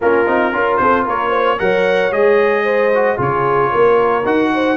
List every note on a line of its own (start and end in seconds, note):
0.01 0.27 A#3
0.01 0.26 C#4
0.01 0.54 F4
0.01 0.76 A#4
0.26 0.52 C4
0.26 0.52 D#4
0.52 0.78 C#4
0.52 1.58 F4
0.52 0.80 A#4
0.76 1.06 C4
0.76 1.03 A4
0.76 1.03 C5
1.03 1.59 A#3
1.03 1.29 A#4
1.03 1.59 C#5
1.29 1.56 C5
1.58 2.11 F#3
1.58 2.11 A#4
1.58 2.63 C#5
1.58 2.12 F#5
2.11 3.17 G#3
2.11 2.91 G#4
2.11 3.18 D#5
2.63 3.16 C5
2.94 3.17 F#4
3.16 3.71 C#3
3.16 4.23 F4
3.16 3.69 G#4
3.16 4.26 C#5
3.71 4.25 A#3
3.71 4.51 A#4
4.25 4.77 D#4
4.25 4.77 F#4
4.25 4.77 F#5
4.54 4.77 C5